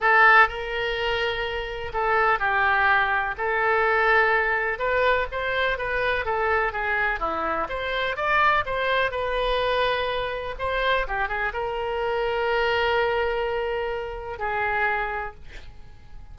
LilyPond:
\new Staff \with { instrumentName = "oboe" } { \time 4/4 \tempo 4 = 125 a'4 ais'2. | a'4 g'2 a'4~ | a'2 b'4 c''4 | b'4 a'4 gis'4 e'4 |
c''4 d''4 c''4 b'4~ | b'2 c''4 g'8 gis'8 | ais'1~ | ais'2 gis'2 | }